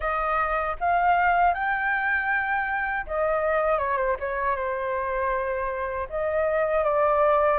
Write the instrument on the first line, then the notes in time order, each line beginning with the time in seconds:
flute
0.00 D#5
0.79 F5
1.54 G5
3.06 D#5
3.78 C#5
3.97 C5
4.19 C#5
4.56 C5
6.09 D#5
6.84 D5